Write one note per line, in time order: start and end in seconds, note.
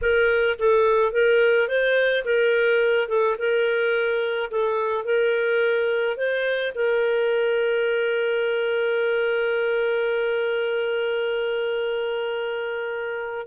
0.01 0.57 A#4
0.58 1.12 A4
1.12 1.68 A#4
1.68 2.24 C5
2.24 3.08 A#4
3.08 3.36 A4
3.38 4.50 A#4
4.51 5.04 A4
5.04 6.16 A#4
6.17 6.73 C5
6.74 13.46 A#4